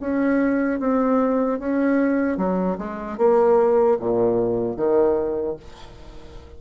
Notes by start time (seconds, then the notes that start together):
0.00 C#4
0.80 C4
1.59 C#4
2.37 F#3
2.78 G#3
3.18 A#3
4.00 A#2
4.76 D#3